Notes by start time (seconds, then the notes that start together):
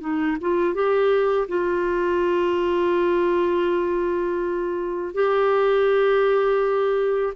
0.00 D#4
0.41 F4
0.74 G4
1.48 F4
5.14 G4